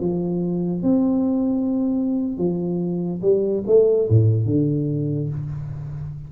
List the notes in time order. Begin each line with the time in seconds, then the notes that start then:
0.00 F3
0.82 C4
2.38 F3
3.21 G3
3.66 A3
4.09 A2
4.45 D3